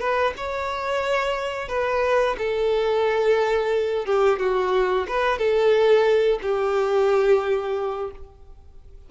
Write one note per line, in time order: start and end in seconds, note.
0.00 0.34 B4
0.37 1.69 C#5
1.69 2.36 B4
2.38 4.05 A4
4.05 4.39 G4
4.39 5.07 F#4
5.08 5.38 B4
5.38 6.39 A4
6.42 8.11 G4